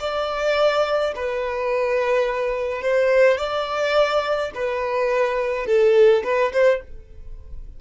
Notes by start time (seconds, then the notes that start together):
0.00 D5
1.16 B4
2.82 C5
3.38 D5
4.55 B4
5.67 A4
6.24 B4
6.52 C5